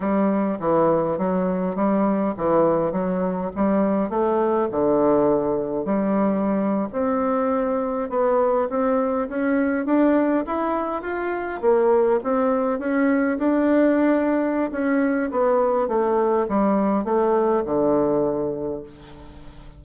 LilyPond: \new Staff \with { instrumentName = "bassoon" } { \time 4/4 \tempo 4 = 102 g4 e4 fis4 g4 | e4 fis4 g4 a4 | d2 g4.~ g16 c'16~ | c'4.~ c'16 b4 c'4 cis'16~ |
cis'8. d'4 e'4 f'4 ais16~ | ais8. c'4 cis'4 d'4~ d'16~ | d'4 cis'4 b4 a4 | g4 a4 d2 | }